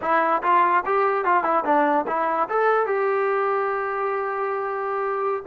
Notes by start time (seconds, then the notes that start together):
0.01 E4
0.42 F4
0.85 G4
1.24 F4
1.43 E4
1.64 D4
2.07 E4
2.49 A4
2.86 G4